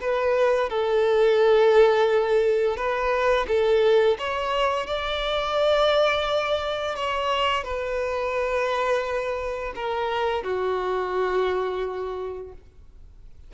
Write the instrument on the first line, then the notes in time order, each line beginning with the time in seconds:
violin
0.00 B4
0.69 A4
2.76 B4
3.47 A4
4.18 C#5
4.86 D5
6.95 C#5
7.64 B4
9.75 A#4
10.43 F#4